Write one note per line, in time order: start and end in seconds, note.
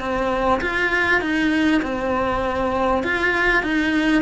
0.00 0.61 C4
0.61 1.21 F4
1.21 1.82 D#4
1.82 3.03 C4
3.03 3.63 F4
3.63 4.22 D#4